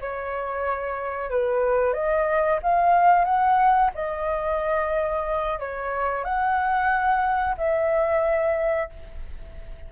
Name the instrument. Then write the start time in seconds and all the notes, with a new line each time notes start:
flute
0.00 C#5
1.30 B4
1.93 D#5
2.62 F5
3.24 F#5
3.94 D#5
5.59 C#5
6.24 F#5
7.57 E5